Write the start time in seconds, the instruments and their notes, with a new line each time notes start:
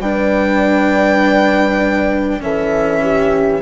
0.00 bassoon G3, cello D4, horn B4, violin G5
2.41 bassoon E3, cello C#4, horn A4, violin E5
3.02 horn G4